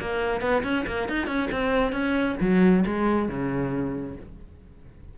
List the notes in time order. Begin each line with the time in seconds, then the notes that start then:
0.00 A#3
0.40 B3
0.63 C#4
0.86 A#3
1.08 D#4
1.27 C#4
1.51 C4
1.92 C#4
2.40 F#3
2.85 G#3
3.28 C#3